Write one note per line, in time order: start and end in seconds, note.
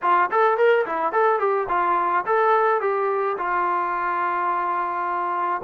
0.02 0.30 F4
0.31 0.57 A4
0.57 0.85 A#4
0.86 1.12 E4
1.12 1.39 A4
1.39 1.67 G4
1.68 2.25 F4
2.26 2.80 A4
2.80 3.36 G4
3.37 5.61 F4